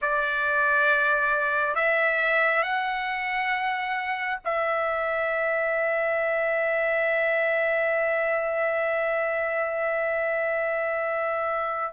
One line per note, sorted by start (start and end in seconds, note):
0.01 1.74 D5
1.74 2.62 E5
2.62 4.39 F#5
4.44 11.93 E5